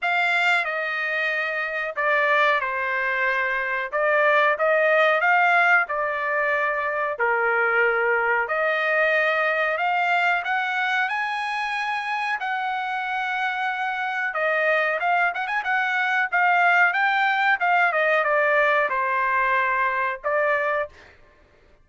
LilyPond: \new Staff \with { instrumentName = "trumpet" } { \time 4/4 \tempo 4 = 92 f''4 dis''2 d''4 | c''2 d''4 dis''4 | f''4 d''2 ais'4~ | ais'4 dis''2 f''4 |
fis''4 gis''2 fis''4~ | fis''2 dis''4 f''8 fis''16 gis''16 | fis''4 f''4 g''4 f''8 dis''8 | d''4 c''2 d''4 | }